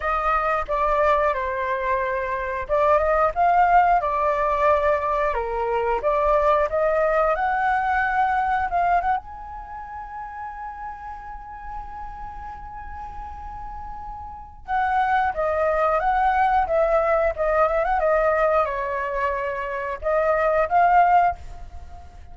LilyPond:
\new Staff \with { instrumentName = "flute" } { \time 4/4 \tempo 4 = 90 dis''4 d''4 c''2 | d''8 dis''8 f''4 d''2 | ais'4 d''4 dis''4 fis''4~ | fis''4 f''8 fis''16 gis''2~ gis''16~ |
gis''1~ | gis''2 fis''4 dis''4 | fis''4 e''4 dis''8 e''16 fis''16 dis''4 | cis''2 dis''4 f''4 | }